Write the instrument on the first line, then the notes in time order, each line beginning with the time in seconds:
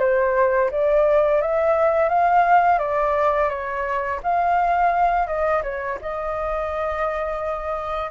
flute
0.00 C5
0.72 D5
1.42 E5
2.09 F5
2.79 D5
3.50 C#5
4.24 F5
5.27 D#5
5.64 C#5
6.02 D#5